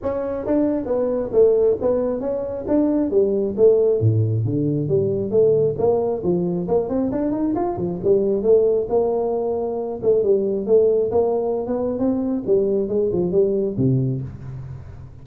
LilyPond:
\new Staff \with { instrumentName = "tuba" } { \time 4/4 \tempo 4 = 135 cis'4 d'4 b4 a4 | b4 cis'4 d'4 g4 | a4 a,4 d4 g4 | a4 ais4 f4 ais8 c'8 |
d'8 dis'8 f'8 f8 g4 a4 | ais2~ ais8 a8 g4 | a4 ais4~ ais16 b8. c'4 | g4 gis8 f8 g4 c4 | }